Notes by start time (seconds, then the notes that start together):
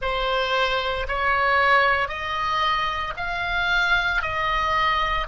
0.01 C5
1.08 C#5
2.08 D#5
3.16 F5
4.22 D#5